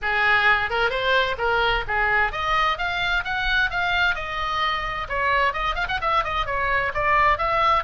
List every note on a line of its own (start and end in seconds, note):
0.01 0.70 G#4
0.70 0.90 A#4
0.90 1.36 C5
1.38 1.84 A#4
1.87 2.32 G#4
2.32 2.77 D#5
2.77 3.23 F5
3.24 3.70 F#5
3.70 4.15 F5
4.15 5.07 D#5
5.08 5.53 C#5
5.53 5.75 D#5
5.75 5.87 F5
5.88 6.00 F#5
6.01 6.24 E5
6.24 6.46 D#5
6.46 6.92 C#5
6.94 7.37 D5
7.37 7.83 E5